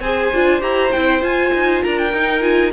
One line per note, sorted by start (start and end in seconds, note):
0.00 0.30 C4
0.00 0.35 G#4
0.00 1.83 C5
0.00 0.61 G#5
0.34 0.62 D4
0.34 0.61 F4
0.61 0.92 E4
0.61 0.91 G4
0.61 0.93 A#5
0.93 1.22 C4
0.93 1.21 E4
0.93 1.23 G5
1.21 2.11 F4
1.21 1.52 F4
1.21 1.83 G#5
1.54 1.84 D#4
1.83 2.14 D4
1.83 2.73 A#4
1.83 1.98 A#5
1.98 2.43 G5
2.14 2.73 D#4
2.14 2.41 D#4
2.41 2.71 F4
2.41 2.73 G#5